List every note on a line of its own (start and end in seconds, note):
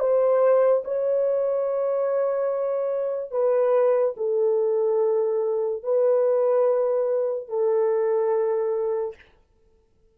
0.00 0.83 C5
0.84 3.32 C#5
3.32 4.15 B4
4.17 5.84 A4
5.84 7.49 B4
7.49 9.16 A4